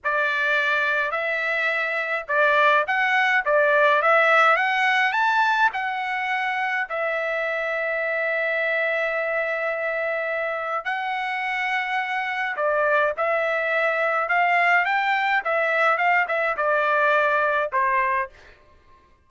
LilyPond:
\new Staff \with { instrumentName = "trumpet" } { \time 4/4 \tempo 4 = 105 d''2 e''2 | d''4 fis''4 d''4 e''4 | fis''4 a''4 fis''2 | e''1~ |
e''2. fis''4~ | fis''2 d''4 e''4~ | e''4 f''4 g''4 e''4 | f''8 e''8 d''2 c''4 | }